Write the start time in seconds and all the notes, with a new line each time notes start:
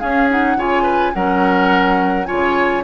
0.00 C#4 G#4 F5
0.29 D#4 F#5
0.56 C#3 F4 C#5 G#5
0.83 B4
1.14 F#3 C#4 A#4 F#5
2.26 C#3 F4 C#5 G#5